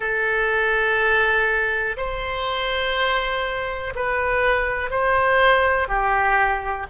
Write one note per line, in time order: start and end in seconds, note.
0.00 1.96 A4
1.96 3.93 C5
3.95 4.90 B4
4.90 5.87 C5
5.87 6.86 G4